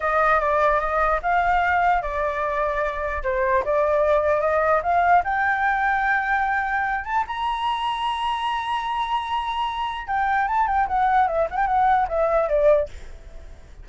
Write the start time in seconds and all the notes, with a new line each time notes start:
0.00 D#5
0.40 D5
0.80 D#5
1.22 F5
2.02 D5
3.23 C5
3.65 D5
4.40 D#5
4.82 F5
5.24 G5
7.04 A5
7.27 A#5
10.07 G5
10.47 A5
10.67 G5
10.87 F#5
11.27 E5
11.50 F#5
11.56 G5
11.66 F#5
12.08 E5
12.48 D5